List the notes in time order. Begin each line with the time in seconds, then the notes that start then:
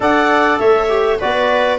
0.00 D4 A4 D5 F#5
0.58 A3 C#5 E5
0.88 G4
1.19 B3 F#4 B4 D5